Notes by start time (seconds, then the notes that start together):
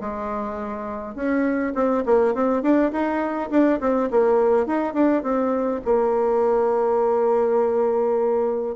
0.00 G#3
1.15 C#4
1.74 C4
2.05 A#3
2.34 C4
2.62 D4
2.92 D#4
3.50 D4
3.80 C4
4.10 A#3
4.66 D#4
4.93 D4
5.22 C4
5.84 A#3